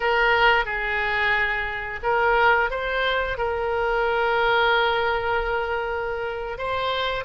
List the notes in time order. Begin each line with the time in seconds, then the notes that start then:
0.00 A#4
0.65 G#4
2.02 A#4
2.70 C5
3.37 A#4
6.57 C5